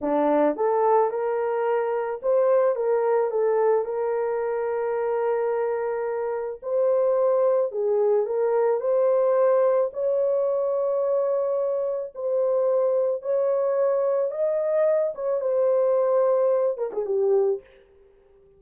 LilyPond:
\new Staff \with { instrumentName = "horn" } { \time 4/4 \tempo 4 = 109 d'4 a'4 ais'2 | c''4 ais'4 a'4 ais'4~ | ais'1 | c''2 gis'4 ais'4 |
c''2 cis''2~ | cis''2 c''2 | cis''2 dis''4. cis''8 | c''2~ c''8 ais'16 gis'16 g'4 | }